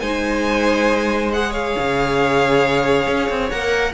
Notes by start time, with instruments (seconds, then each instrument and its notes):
0.00 cello G#3, viola D#4, violin C5 G#5
1.33 viola G#4, violin F#5
1.50 violin C#5 F5
1.78 cello C#3
3.07 cello C#4
3.30 cello C4
3.50 cello A#3, viola A#4, violin F#5